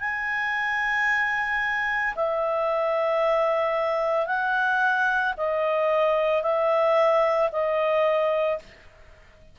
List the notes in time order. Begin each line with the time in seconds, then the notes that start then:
0.00 G#5
2.15 E5
4.27 F#5
5.37 D#5
6.43 E5
7.52 D#5